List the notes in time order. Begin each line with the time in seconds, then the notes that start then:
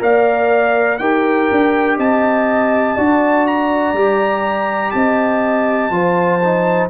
0.00 A#3 A#4 D5 F5
0.99 D#4 G4 A#4 G5
1.51 D4
1.98 C4 D#5 A5
2.96 D4 F#4 D5
3.48 A#5
3.93 G3 G4
4.91 C4 D#5 A5
5.91 F3 F4 C5
6.44 D#4